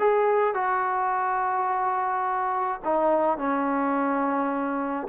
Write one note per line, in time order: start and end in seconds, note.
0.00 0.55 G#4
0.55 2.81 F#4
2.85 3.38 D#4
3.38 5.08 C#4